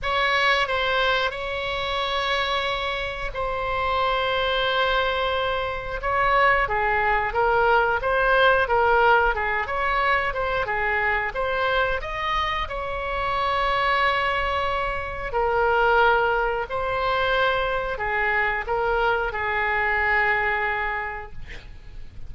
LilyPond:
\new Staff \with { instrumentName = "oboe" } { \time 4/4 \tempo 4 = 90 cis''4 c''4 cis''2~ | cis''4 c''2.~ | c''4 cis''4 gis'4 ais'4 | c''4 ais'4 gis'8 cis''4 c''8 |
gis'4 c''4 dis''4 cis''4~ | cis''2. ais'4~ | ais'4 c''2 gis'4 | ais'4 gis'2. | }